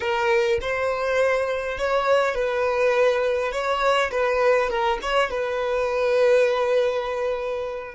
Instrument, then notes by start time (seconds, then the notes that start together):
violin
0.00 A#4
0.61 C5
1.78 C#5
2.34 B4
3.52 C#5
4.11 B4
4.69 A#4
5.02 C#5
5.30 B4